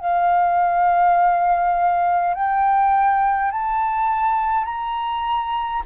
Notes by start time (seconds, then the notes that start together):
0.00 F5
2.34 G5
3.51 A5
4.65 A#5